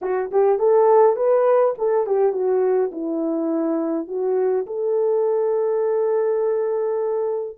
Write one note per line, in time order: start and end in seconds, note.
0.01 0.30 F#4
0.31 0.58 G4
0.58 1.16 A4
1.16 1.74 B4
1.77 2.06 A4
2.06 2.32 G4
2.32 2.90 F#4
2.91 4.07 E4
4.07 4.65 F#4
4.66 7.57 A4